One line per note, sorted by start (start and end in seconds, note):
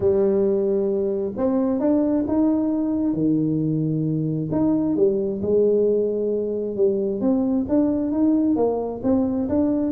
0.00 1.32 G3
1.36 1.79 C4
1.79 2.24 D4
2.27 3.13 D#4
3.13 4.49 D#3
4.51 4.96 D#4
4.96 5.41 G3
5.42 6.75 G#3
6.75 7.21 G3
7.21 7.66 C4
7.68 8.11 D4
8.11 8.56 D#4
8.56 9.01 A#3
9.03 9.48 C4
9.48 9.91 D4